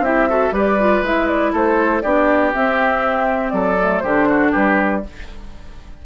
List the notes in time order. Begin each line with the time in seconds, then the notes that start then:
0.00 C4 E4 G4 E5
0.29 F#4 A4
0.51 G3 G4 B4 D5
0.80 F4
1.02 G#3 E4 E5
1.28 D5
1.53 A3 A4 C5
2.02 B3 D4 G4 D5
2.53 C4 E5
3.50 F#3 A4 D5
3.79 A3
3.99 D3 D4 G4 C5
4.29 F#4
4.52 G3 G4 B4